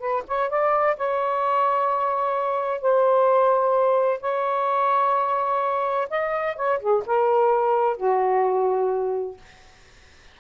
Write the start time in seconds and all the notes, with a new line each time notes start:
0.00 B4
0.28 C#5
0.50 D5
0.97 C#5
2.81 C5
4.21 C#5
6.10 D#5
6.56 C#5
6.80 G#4
7.07 A#4
7.97 F#4